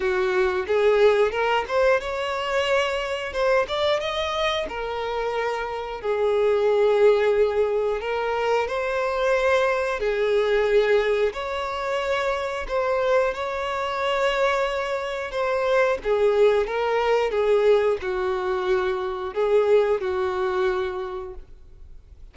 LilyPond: \new Staff \with { instrumentName = "violin" } { \time 4/4 \tempo 4 = 90 fis'4 gis'4 ais'8 c''8 cis''4~ | cis''4 c''8 d''8 dis''4 ais'4~ | ais'4 gis'2. | ais'4 c''2 gis'4~ |
gis'4 cis''2 c''4 | cis''2. c''4 | gis'4 ais'4 gis'4 fis'4~ | fis'4 gis'4 fis'2 | }